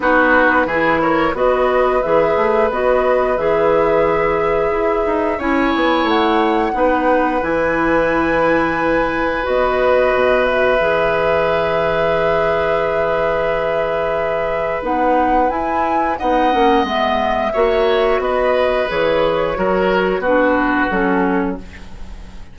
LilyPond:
<<
  \new Staff \with { instrumentName = "flute" } { \time 4/4 \tempo 4 = 89 b'4. cis''8 dis''4 e''4 | dis''4 e''2. | gis''4 fis''2 gis''4~ | gis''2 dis''4. e''8~ |
e''1~ | e''2 fis''4 gis''4 | fis''4 e''2 dis''4 | cis''2 b'4 a'4 | }
  \new Staff \with { instrumentName = "oboe" } { \time 4/4 fis'4 gis'8 ais'8 b'2~ | b'1 | cis''2 b'2~ | b'1~ |
b'1~ | b'1 | dis''2 cis''4 b'4~ | b'4 ais'4 fis'2 | }
  \new Staff \with { instrumentName = "clarinet" } { \time 4/4 dis'4 e'4 fis'4 gis'4 | fis'4 gis'2. | e'2 dis'4 e'4~ | e'2 fis'2 |
gis'1~ | gis'2 dis'4 e'4 | dis'8 cis'8 b4 fis'2 | gis'4 fis'4 d'4 cis'4 | }
  \new Staff \with { instrumentName = "bassoon" } { \time 4/4 b4 e4 b4 e8 a8 | b4 e2 e'8 dis'8 | cis'8 b8 a4 b4 e4~ | e2 b4 b,4 |
e1~ | e2 b4 e'4 | b8 ais8 gis4 ais4 b4 | e4 fis4 b4 fis4 | }
>>